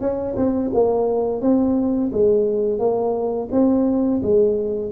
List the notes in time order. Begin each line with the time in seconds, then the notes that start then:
0.00 C#4
0.36 C4
0.73 A#3
1.41 C4
2.12 G#3
2.79 A#3
3.52 C4
4.22 G#3